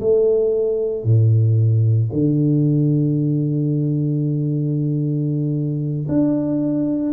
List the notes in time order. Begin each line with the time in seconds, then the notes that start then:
0.00 A3
1.04 A2
2.12 D3
6.09 D4